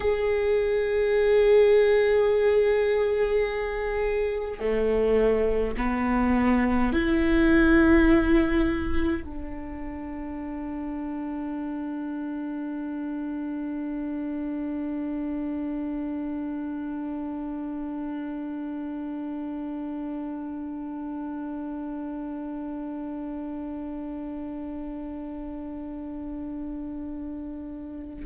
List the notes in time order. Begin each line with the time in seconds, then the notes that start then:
0.00 G#4
4.59 A3
5.77 B3
6.92 E4
9.24 D4